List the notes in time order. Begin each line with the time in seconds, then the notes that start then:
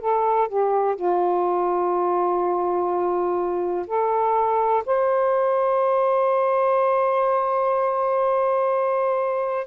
0.00 A4
0.48 G4
0.96 F4
3.87 A4
4.86 C5